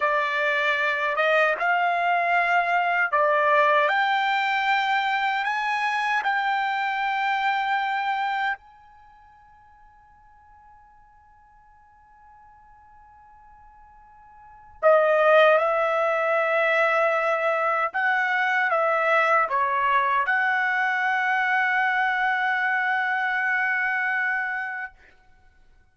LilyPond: \new Staff \with { instrumentName = "trumpet" } { \time 4/4 \tempo 4 = 77 d''4. dis''8 f''2 | d''4 g''2 gis''4 | g''2. gis''4~ | gis''1~ |
gis''2. dis''4 | e''2. fis''4 | e''4 cis''4 fis''2~ | fis''1 | }